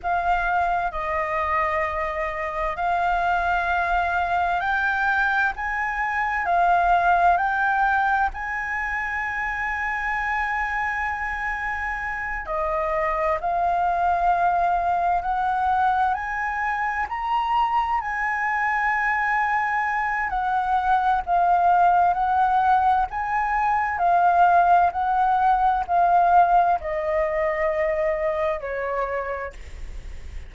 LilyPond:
\new Staff \with { instrumentName = "flute" } { \time 4/4 \tempo 4 = 65 f''4 dis''2 f''4~ | f''4 g''4 gis''4 f''4 | g''4 gis''2.~ | gis''4. dis''4 f''4.~ |
f''8 fis''4 gis''4 ais''4 gis''8~ | gis''2 fis''4 f''4 | fis''4 gis''4 f''4 fis''4 | f''4 dis''2 cis''4 | }